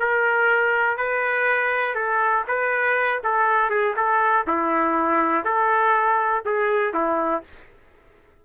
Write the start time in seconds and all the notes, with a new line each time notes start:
0.00 A#4
0.97 B4
1.95 A4
2.47 B4
3.24 A4
3.70 G#4
3.97 A4
4.47 E4
5.45 A4
6.45 G#4
6.94 E4